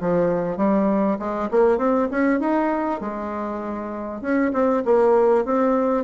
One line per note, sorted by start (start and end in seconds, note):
0.00 0.56 F3
0.56 1.17 G3
1.18 1.49 G#3
1.50 1.77 A#3
1.77 2.08 C4
2.11 2.39 C#4
2.39 3.00 D#4
3.00 4.21 G#3
4.21 4.51 C#4
4.53 4.83 C4
4.85 5.45 A#3
5.45 6.04 C4